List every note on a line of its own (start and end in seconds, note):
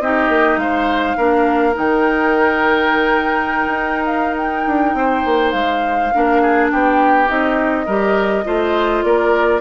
0.00 0.29 C4
0.00 1.18 D#4
0.00 0.60 G4
0.00 0.58 D#5
0.29 0.57 A#3
0.57 1.15 G#3
0.57 1.17 C5
0.57 1.74 F5
1.17 1.76 A#3
1.17 1.73 D4
1.17 4.96 A#4
1.73 3.66 D#3
1.73 6.10 D#4
1.73 4.06 G5
3.67 4.66 D#4
4.06 4.35 F5
4.36 5.51 G5
4.66 4.94 D4
4.94 5.23 C4
4.94 6.14 C5
5.25 5.53 A#3
5.51 6.12 G#3
5.51 6.68 F5
6.14 6.72 A#3
6.14 7.27 D4
6.14 6.42 A#4
6.42 6.71 G#4
6.71 7.30 B3
6.71 7.86 G4
6.71 7.29 G5
7.27 7.87 C4
7.27 7.85 D#4
7.27 9.03 D#5
7.86 8.45 G3
7.86 8.44 G4
7.86 8.44 A#4
8.44 9.03 A3
8.44 9.61 F4
8.44 9.04 C5
9.03 9.61 A#3
9.03 9.61 A#4
9.03 9.61 D5